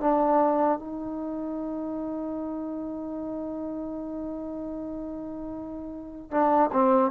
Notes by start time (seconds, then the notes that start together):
0.00 D4
0.79 D#4
6.31 D4
6.72 C4